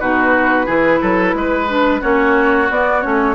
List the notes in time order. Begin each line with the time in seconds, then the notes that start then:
0.00 B2 D#4 F#4 B4
0.66 E3 E4 G#4
1.01 F#3 A4
1.34 G#3 B4
1.68 D4
2.01 A#3 C#4 F#4 C#5
2.70 B3 D5
3.01 A3 C#4 C#5